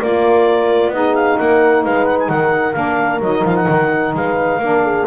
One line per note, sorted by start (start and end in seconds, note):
0.00 0.88 A#3
0.00 0.93 F4
0.00 0.92 A#4
0.00 0.93 D5
0.88 1.34 B3
0.88 2.74 D#4
0.88 1.15 D#5
0.95 1.39 G#4
1.15 1.38 F5
1.38 1.85 A#3
1.38 1.85 A#4
1.38 1.84 F#5
1.85 2.29 G#3
1.85 2.29 B4
1.85 2.06 F5
2.06 2.17 F#5
2.20 2.29 G#5
2.29 2.75 D#3
2.29 4.14 A#4
2.29 2.74 F#5
2.74 3.20 A#3
2.74 3.20 D4
2.74 3.20 F5
3.20 3.43 F#3
3.20 4.61 D#4
3.20 3.46 D#5
3.45 3.68 F3
3.45 3.56 F5
3.56 4.14 F#5
3.69 4.15 D#3
4.15 4.59 G#3
4.15 4.61 B4
4.15 5.07 F5
4.59 5.05 A#3
4.59 5.07 D4
4.59 4.84 A#4
4.84 5.07 G#4